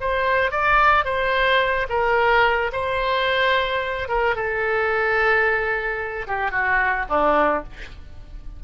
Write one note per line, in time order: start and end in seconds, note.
0.00 0.51 C5
0.51 1.04 D5
1.04 1.86 C5
1.89 2.70 A#4
2.72 4.08 C5
4.08 4.35 A#4
4.35 6.26 A4
6.27 6.51 G4
6.51 7.05 F#4
7.09 7.63 D4